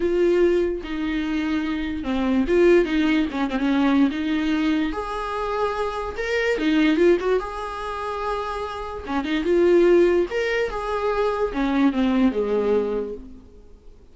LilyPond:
\new Staff \with { instrumentName = "viola" } { \time 4/4 \tempo 4 = 146 f'2 dis'2~ | dis'4 c'4 f'4 dis'4 | cis'8 c'16 cis'4~ cis'16 dis'2 | gis'2. ais'4 |
dis'4 f'8 fis'8 gis'2~ | gis'2 cis'8 dis'8 f'4~ | f'4 ais'4 gis'2 | cis'4 c'4 gis2 | }